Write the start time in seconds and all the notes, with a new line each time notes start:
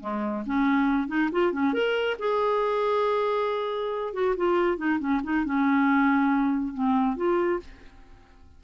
0.00 G#3
0.46 C#4
1.08 D#4
1.32 F4
1.52 C#4
1.73 A#4
2.19 G#4
4.13 F#4
4.36 F4
4.77 D#4
4.99 C#4
5.23 D#4
5.45 C#4
6.74 C4
7.16 F4